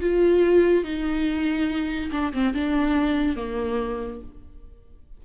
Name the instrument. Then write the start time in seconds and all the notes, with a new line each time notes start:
viola
0.00 F4
0.84 D#4
2.12 D4
2.33 C4
2.54 D4
3.36 A#3